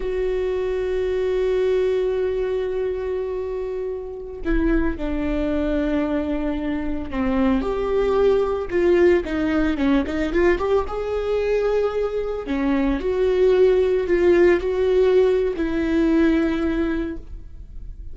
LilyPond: \new Staff \with { instrumentName = "viola" } { \time 4/4 \tempo 4 = 112 fis'1~ | fis'1~ | fis'16 e'4 d'2~ d'8.~ | d'4~ d'16 c'4 g'4.~ g'16~ |
g'16 f'4 dis'4 cis'8 dis'8 f'8 g'16~ | g'16 gis'2. cis'8.~ | cis'16 fis'2 f'4 fis'8.~ | fis'4 e'2. | }